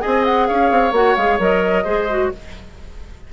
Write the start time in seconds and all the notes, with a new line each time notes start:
0.00 C4 G#4 D#5 G#5
0.25 F#5
0.47 C#4 C#5 F5
0.71 C4
0.92 A#3 F#4 F#5
1.16 G#3 G#4 F5
1.39 F#3 A#4 D#5
1.84 G#3 G#4 C5
2.10 F#4